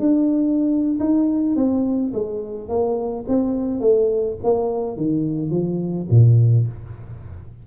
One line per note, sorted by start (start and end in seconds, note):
0.00 0.99 D4
1.00 1.56 D#4
1.56 2.13 C4
2.14 2.69 G#3
2.69 3.26 A#3
3.28 3.81 C4
3.81 4.37 A3
4.44 4.97 A#3
4.97 5.51 D#3
5.51 6.07 F3
6.11 6.67 A#2